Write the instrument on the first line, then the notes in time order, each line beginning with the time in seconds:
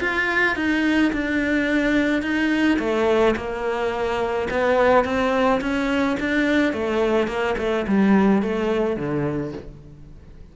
cello
0.00 F4
0.56 D#4
1.12 D4
2.22 D#4
2.79 A3
3.36 A#3
4.50 B3
5.04 C4
5.61 C#4
6.20 D4
6.73 A3
7.27 A#3
7.57 A3
7.87 G3
8.42 A3
8.96 D3